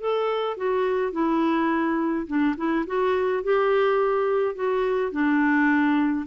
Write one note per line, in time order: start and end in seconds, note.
0.00 0.57 A4
0.57 1.12 F#4
1.12 2.26 E4
2.27 2.55 D4
2.57 2.85 E4
2.86 3.43 F#4
3.43 4.55 G4
4.55 5.12 F#4
5.12 6.26 D4